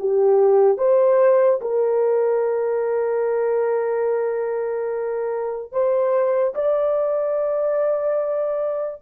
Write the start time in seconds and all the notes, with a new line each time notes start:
0.00 G4
0.78 C5
1.61 A#4
5.72 C5
6.55 D5